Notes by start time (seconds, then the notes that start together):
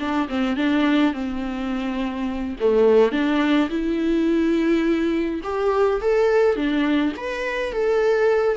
0.00 D4
0.29 C4
0.57 D4
1.14 C4
2.61 A3
3.13 D4
3.70 E4
5.44 G4
6.02 A4
6.56 D4
7.17 B4
7.73 A4